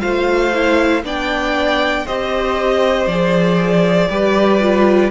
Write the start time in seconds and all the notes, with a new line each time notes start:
0.00 A3 F4 C5 F5
0.54 E4
1.03 B3 D4 D5 G5
2.05 C4 G4 C5 D#5
3.06 F3 G#4 D5
4.09 G3 G4 B4
4.60 F4